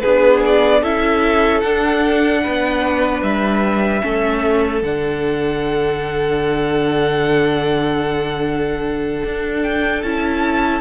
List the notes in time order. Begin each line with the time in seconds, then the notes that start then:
0.00 D4 G#4 B4
0.06 B3
0.46 D5
0.82 C#4 E4 A4 E5
1.61 D4 F#5
2.43 B3 B4
3.22 G3 E5
4.01 A3 C#4 A4
4.82 D3 D4 F#5
9.25 D4
9.63 G5
10.03 C#4 E4 A5